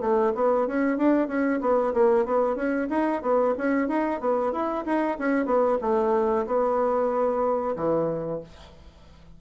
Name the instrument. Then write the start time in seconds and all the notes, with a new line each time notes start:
bassoon
0.00 A3
0.35 B3
0.67 C#4
0.97 D4
1.28 C#4
1.61 B3
1.94 A#3
2.25 B3
2.55 C#4
2.89 D#4
3.22 B3
3.57 C#4
3.88 D#4
4.20 B3
4.52 E4
4.85 D#4
5.18 C#4
5.45 B3
5.81 A3
6.46 B3
7.76 E3